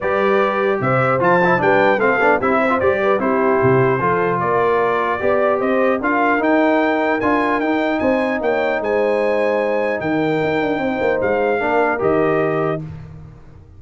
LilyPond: <<
  \new Staff \with { instrumentName = "trumpet" } { \time 4/4 \tempo 4 = 150 d''2 e''4 a''4 | g''4 f''4 e''4 d''4 | c''2. d''4~ | d''2 dis''4 f''4 |
g''2 gis''4 g''4 | gis''4 g''4 gis''2~ | gis''4 g''2. | f''2 dis''2 | }
  \new Staff \with { instrumentName = "horn" } { \time 4/4 b'2 c''2 | b'4 a'4 g'8 c''4 b'8 | g'2 a'4 ais'4~ | ais'4 d''4 c''4 ais'4~ |
ais'1 | c''4 cis''4 c''2~ | c''4 ais'2 c''4~ | c''4 ais'2. | }
  \new Staff \with { instrumentName = "trombone" } { \time 4/4 g'2. f'8 e'8 | d'4 c'8 d'8 e'8. f'16 g'4 | e'2 f'2~ | f'4 g'2 f'4 |
dis'2 f'4 dis'4~ | dis'1~ | dis'1~ | dis'4 d'4 g'2 | }
  \new Staff \with { instrumentName = "tuba" } { \time 4/4 g2 c4 f4 | g4 a8 b8 c'4 g4 | c'4 c4 f4 ais4~ | ais4 b4 c'4 d'4 |
dis'2 d'4 dis'4 | c'4 ais4 gis2~ | gis4 dis4 dis'8 d'8 c'8 ais8 | gis4 ais4 dis2 | }
>>